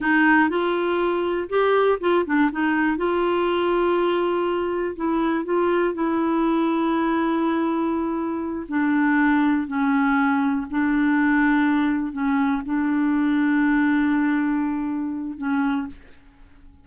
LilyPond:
\new Staff \with { instrumentName = "clarinet" } { \time 4/4 \tempo 4 = 121 dis'4 f'2 g'4 | f'8 d'8 dis'4 f'2~ | f'2 e'4 f'4 | e'1~ |
e'4. d'2 cis'8~ | cis'4. d'2~ d'8~ | d'8 cis'4 d'2~ d'8~ | d'2. cis'4 | }